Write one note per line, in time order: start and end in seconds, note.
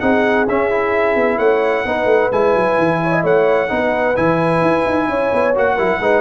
0.00 0.48 C4
0.00 0.47 D#4
0.00 1.39 G#4
0.00 0.46 F#5
0.48 1.16 C#4
0.48 0.71 C#4
0.48 1.39 E5
0.71 1.86 E4
1.16 1.38 B3
1.38 1.84 A3
1.38 1.85 C#5
1.38 2.31 F#5
1.85 2.05 B3
1.85 2.32 D#4
1.85 3.02 B4
2.05 2.29 A3
2.32 2.55 G#3
2.32 3.69 E4
2.32 3.24 G#5
2.55 2.78 F#3
2.78 3.24 E3
3.04 3.13 C#5
3.13 3.24 D#5
3.24 3.70 A3
3.24 3.70 C#5
3.24 4.16 F#5
3.69 4.17 B3
3.69 4.15 D#4
3.69 5.09 B4
4.16 4.62 E3
4.16 5.55 E4
4.16 5.55 G#5
4.62 4.85 E4
4.86 5.09 D#4
5.09 5.32 C#4
5.09 5.75 C#5
5.34 5.57 B3
5.55 5.78 A#3
5.55 5.78 F#4
5.55 6.22 F#5
5.75 6.00 F#3
5.75 6.01 E4
5.75 5.98 A#4
6.00 6.22 G#3
6.00 6.22 D#4
6.00 6.22 B4